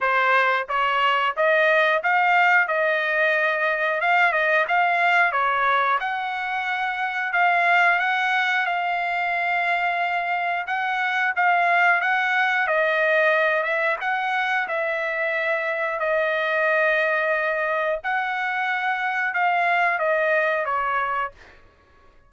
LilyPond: \new Staff \with { instrumentName = "trumpet" } { \time 4/4 \tempo 4 = 90 c''4 cis''4 dis''4 f''4 | dis''2 f''8 dis''8 f''4 | cis''4 fis''2 f''4 | fis''4 f''2. |
fis''4 f''4 fis''4 dis''4~ | dis''8 e''8 fis''4 e''2 | dis''2. fis''4~ | fis''4 f''4 dis''4 cis''4 | }